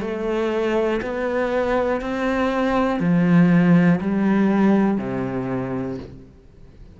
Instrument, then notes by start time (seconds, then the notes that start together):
cello
0.00 A3
1.02 B3
2.00 C4
3.00 F3
4.00 G3
4.97 C3